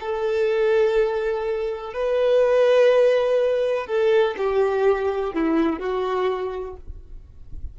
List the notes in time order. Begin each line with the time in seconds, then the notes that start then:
0.00 A4
1.93 B4
3.86 A4
4.37 G4
5.34 E4
5.79 F#4